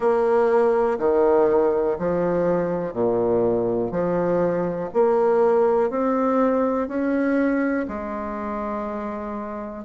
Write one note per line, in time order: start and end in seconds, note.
0.00 0.98 A#3
0.98 1.97 D#3
1.99 2.92 F3
2.92 3.91 A#2
3.91 4.89 F3
4.93 5.90 A#3
5.90 6.88 C4
6.88 7.86 C#4
7.87 9.84 G#3